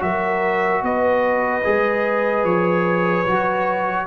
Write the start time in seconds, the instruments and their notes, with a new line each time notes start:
0.00 tuba F#3, trombone F#4, horn A#4, trumpet E5
0.83 tuba B3, horn B4, trumpet D#5
1.64 tuba G#3, trombone G#4
2.44 tuba F3, trumpet C#5
3.26 tuba F#3, trombone F#4